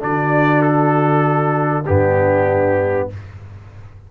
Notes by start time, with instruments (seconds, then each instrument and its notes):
0.00 tuba D3, trombone D4, horn F#4, trumpet D5
0.62 trumpet A4
1.86 tuba G2, trombone B3, horn D4, trumpet G4